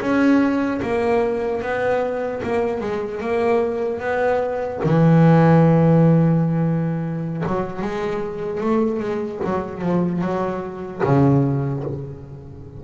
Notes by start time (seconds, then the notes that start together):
0.00 C#4
0.82 A#3
1.61 B3
2.43 A#3
2.80 G#3
3.20 A#3
3.99 B3
4.83 E3
7.46 F#3
7.81 G#3
8.60 A3
9.00 G#3
9.44 F#3
9.81 F3
10.21 F#3
11.04 C#3